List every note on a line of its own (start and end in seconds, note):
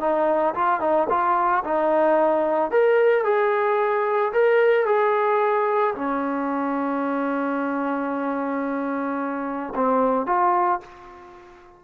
0.00 0.54 D#4
0.54 0.80 F4
0.80 1.07 D#4
1.09 1.63 F4
1.64 2.71 D#4
2.71 3.24 A#4
3.24 4.32 G#4
4.32 4.86 A#4
4.86 5.94 G#4
5.95 9.73 C#4
9.74 10.26 C4
10.26 10.80 F4